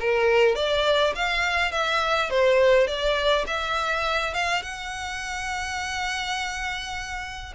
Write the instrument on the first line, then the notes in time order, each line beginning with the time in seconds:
violin
0.00 A#4
0.55 D5
1.15 F5
1.72 E5
2.30 C5
2.87 D5
3.47 E5
4.34 F5
4.62 F#5